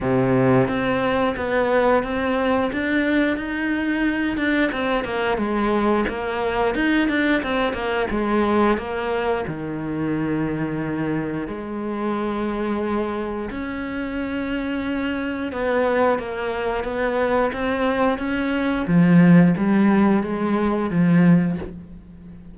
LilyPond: \new Staff \with { instrumentName = "cello" } { \time 4/4 \tempo 4 = 89 c4 c'4 b4 c'4 | d'4 dis'4. d'8 c'8 ais8 | gis4 ais4 dis'8 d'8 c'8 ais8 | gis4 ais4 dis2~ |
dis4 gis2. | cis'2. b4 | ais4 b4 c'4 cis'4 | f4 g4 gis4 f4 | }